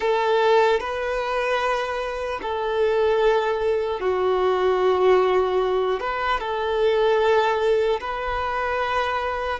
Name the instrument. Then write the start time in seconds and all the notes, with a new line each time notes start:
violin
0.00 A4
0.80 B4
2.41 A4
4.00 F#4
6.00 B4
6.40 A4
8.00 B4